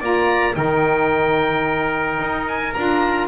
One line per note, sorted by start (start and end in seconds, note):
0.00 0.55 A#3
0.00 0.52 F4
0.00 0.55 D5
0.00 0.55 A#5
0.52 2.20 D#3
0.52 2.71 D#4
0.52 3.27 A#4
0.52 2.46 G5
2.20 2.74 D#4
2.48 2.73 G#5
2.73 3.27 D4
2.73 3.27 F4
2.73 3.27 A#5